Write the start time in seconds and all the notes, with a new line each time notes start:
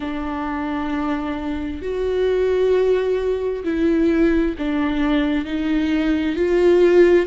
0.00 D4
1.81 F#4
3.64 E4
4.58 D4
5.45 D#4
6.36 F4